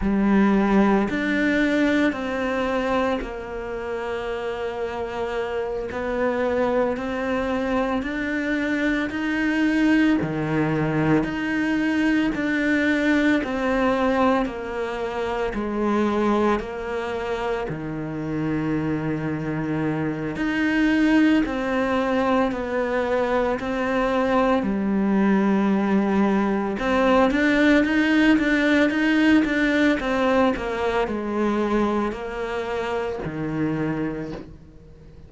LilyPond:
\new Staff \with { instrumentName = "cello" } { \time 4/4 \tempo 4 = 56 g4 d'4 c'4 ais4~ | ais4. b4 c'4 d'8~ | d'8 dis'4 dis4 dis'4 d'8~ | d'8 c'4 ais4 gis4 ais8~ |
ais8 dis2~ dis8 dis'4 | c'4 b4 c'4 g4~ | g4 c'8 d'8 dis'8 d'8 dis'8 d'8 | c'8 ais8 gis4 ais4 dis4 | }